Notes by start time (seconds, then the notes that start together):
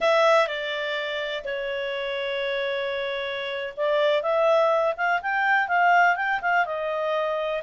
0.00 E5
0.47 D5
1.44 C#5
3.77 D5
4.22 E5
4.96 F5
5.21 G5
5.67 F5
6.16 G5
6.41 F5
6.65 D#5